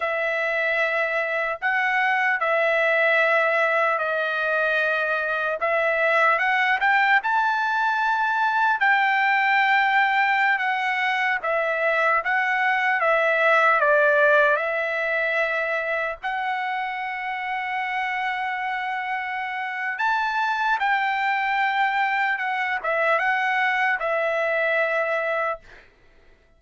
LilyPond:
\new Staff \with { instrumentName = "trumpet" } { \time 4/4 \tempo 4 = 75 e''2 fis''4 e''4~ | e''4 dis''2 e''4 | fis''8 g''8 a''2 g''4~ | g''4~ g''16 fis''4 e''4 fis''8.~ |
fis''16 e''4 d''4 e''4.~ e''16~ | e''16 fis''2.~ fis''8.~ | fis''4 a''4 g''2 | fis''8 e''8 fis''4 e''2 | }